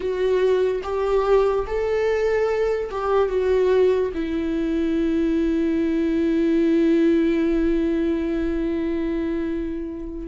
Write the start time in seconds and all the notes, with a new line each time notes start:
0.00 F#4
0.83 G4
1.66 A4
2.90 G4
3.29 F#4
4.14 E4